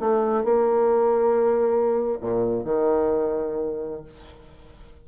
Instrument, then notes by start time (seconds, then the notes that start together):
bassoon
0.00 A3
0.44 A#3
2.21 A#2
2.64 D#3